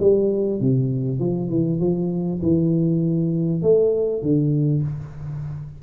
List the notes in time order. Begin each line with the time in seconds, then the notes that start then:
0.00 G3
0.60 C3
1.19 F3
1.50 E3
1.80 F3
2.42 E3
3.62 A3
4.22 D3